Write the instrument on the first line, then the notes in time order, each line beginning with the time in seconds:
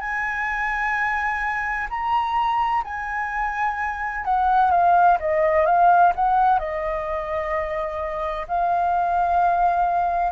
flute
0.00 G#5
1.90 A#5
2.84 G#5
4.24 F#5
4.71 F5
5.19 D#5
5.65 F5
6.15 F#5
6.59 D#5
8.48 F5